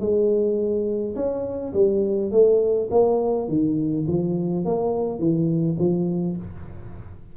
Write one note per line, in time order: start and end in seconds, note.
0.00 1.15 G#3
1.16 1.73 C#4
1.74 2.32 G3
2.32 2.90 A3
2.91 3.49 A#3
3.49 4.06 D#3
4.08 4.65 F3
4.65 5.19 A#3
5.19 5.77 E3
5.79 6.37 F3